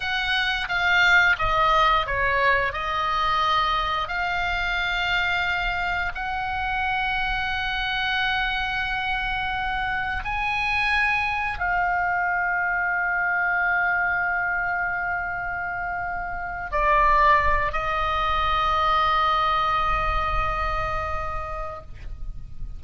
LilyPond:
\new Staff \with { instrumentName = "oboe" } { \time 4/4 \tempo 4 = 88 fis''4 f''4 dis''4 cis''4 | dis''2 f''2~ | f''4 fis''2.~ | fis''2. gis''4~ |
gis''4 f''2.~ | f''1~ | f''8 d''4. dis''2~ | dis''1 | }